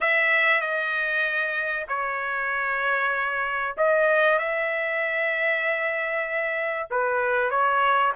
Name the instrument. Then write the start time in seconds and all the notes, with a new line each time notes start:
trumpet
0.00 E5
0.61 D#5
1.88 C#5
3.77 D#5
4.38 E5
6.90 B4
7.50 C#5